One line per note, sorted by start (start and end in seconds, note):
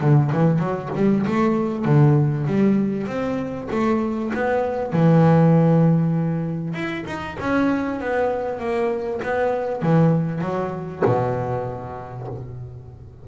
0.00 0.31 D3
0.33 0.59 E3
0.59 0.89 F#3
0.95 1.26 G3
1.26 1.85 A3
1.85 2.46 D3
2.46 3.07 G3
3.07 3.68 C4
3.70 4.32 A3
4.34 4.93 B3
4.93 6.73 E3
6.73 7.04 E4
7.06 7.37 D#4
7.40 8.00 C#4
8.00 8.59 B3
8.59 9.20 A#3
9.23 9.82 B3
9.82 10.41 E3
10.41 11.02 F#3
11.05 12.27 B2